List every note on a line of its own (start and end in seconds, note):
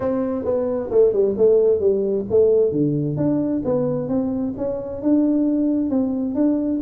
0.00 0.44 C4
0.44 0.90 B3
0.90 1.12 A3
1.12 1.35 G3
1.37 1.80 A3
1.80 2.25 G3
2.30 2.71 A3
2.71 3.17 D3
3.17 3.62 D4
3.64 4.08 B3
4.08 4.54 C4
4.57 5.02 C#4
5.02 5.90 D4
5.90 6.35 C4
6.35 6.80 D4